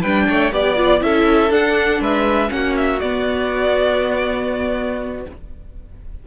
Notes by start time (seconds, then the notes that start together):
0.00 G3 D4 B4 G5
0.29 A3 C#5
0.52 B3 G4 D5
0.76 F4
1.00 C#4 E4 A4 E5
1.50 D4 F#5
2.00 G#3 B4 E5
2.48 A#3 C#4 F#4 F#5
2.76 E5
2.99 B3 D5